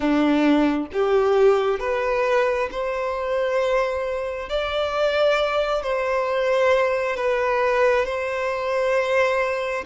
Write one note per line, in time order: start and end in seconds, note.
0.00 0.86 D4
0.92 1.79 G4
1.79 2.69 B4
2.71 4.49 C5
4.49 5.82 D5
5.82 7.16 C5
7.16 8.05 B4
8.05 9.84 C5